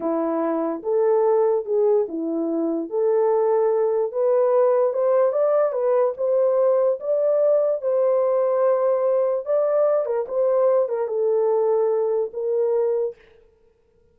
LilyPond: \new Staff \with { instrumentName = "horn" } { \time 4/4 \tempo 4 = 146 e'2 a'2 | gis'4 e'2 a'4~ | a'2 b'2 | c''4 d''4 b'4 c''4~ |
c''4 d''2 c''4~ | c''2. d''4~ | d''8 ais'8 c''4. ais'8 a'4~ | a'2 ais'2 | }